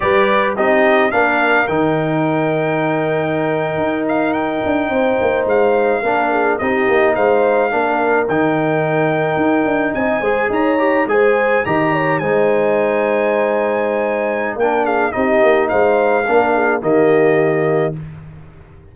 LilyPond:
<<
  \new Staff \with { instrumentName = "trumpet" } { \time 4/4 \tempo 4 = 107 d''4 dis''4 f''4 g''4~ | g''2.~ g''16 f''8 g''16~ | g''4.~ g''16 f''2 dis''16~ | dis''8. f''2 g''4~ g''16~ |
g''4.~ g''16 gis''4 ais''4 gis''16~ | gis''8. ais''4 gis''2~ gis''16~ | gis''2 g''8 f''8 dis''4 | f''2 dis''2 | }
  \new Staff \with { instrumentName = "horn" } { \time 4/4 b'4 g'4 ais'2~ | ais'1~ | ais'8. c''2 ais'8 gis'8 g'16~ | g'8. c''4 ais'2~ ais'16~ |
ais'4.~ ais'16 dis''8 c''8 cis''4 c''16~ | c''8. dis''8 cis''8 c''2~ c''16~ | c''2 ais'8 gis'8 g'4 | c''4 ais'8 gis'8 g'2 | }
  \new Staff \with { instrumentName = "trombone" } { \time 4/4 g'4 dis'4 d'4 dis'4~ | dis'1~ | dis'2~ dis'8. d'4 dis'16~ | dis'4.~ dis'16 d'4 dis'4~ dis'16~ |
dis'2~ dis'16 gis'4 g'8 gis'16~ | gis'8. g'4 dis'2~ dis'16~ | dis'2 d'4 dis'4~ | dis'4 d'4 ais2 | }
  \new Staff \with { instrumentName = "tuba" } { \time 4/4 g4 c'4 ais4 dis4~ | dis2~ dis8. dis'4~ dis'16~ | dis'16 d'8 c'8 ais8 gis4 ais4 c'16~ | c'16 ais8 gis4 ais4 dis4~ dis16~ |
dis8. dis'8 d'8 c'8 gis8 dis'4 gis16~ | gis8. dis4 gis2~ gis16~ | gis2 ais4 c'8 ais8 | gis4 ais4 dis2 | }
>>